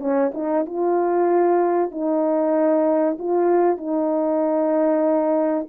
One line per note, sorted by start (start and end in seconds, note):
0.00 0.32 C#4
0.34 0.65 D#4
0.66 1.91 F4
1.91 3.18 D#4
3.19 3.77 F4
3.77 5.67 D#4